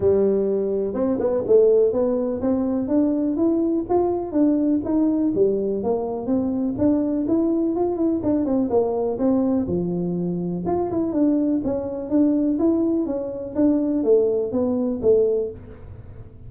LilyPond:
\new Staff \with { instrumentName = "tuba" } { \time 4/4 \tempo 4 = 124 g2 c'8 b8 a4 | b4 c'4 d'4 e'4 | f'4 d'4 dis'4 g4 | ais4 c'4 d'4 e'4 |
f'8 e'8 d'8 c'8 ais4 c'4 | f2 f'8 e'8 d'4 | cis'4 d'4 e'4 cis'4 | d'4 a4 b4 a4 | }